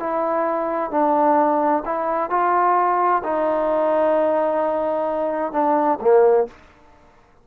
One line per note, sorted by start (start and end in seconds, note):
0.00 0.91 E4
0.91 1.84 D4
1.85 2.31 E4
2.31 3.23 F4
3.24 5.53 D#4
5.53 5.99 D4
6.02 6.48 A#3